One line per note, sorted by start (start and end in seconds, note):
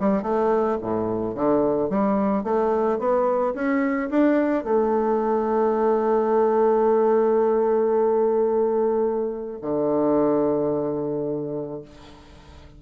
0.00 0.23 G3
0.23 0.78 A3
0.82 1.35 A2
1.35 1.90 D3
1.90 2.44 G3
2.44 2.99 A3
2.99 3.54 B3
3.55 4.10 C#4
4.10 4.64 D4
4.64 9.60 A3
9.62 11.82 D3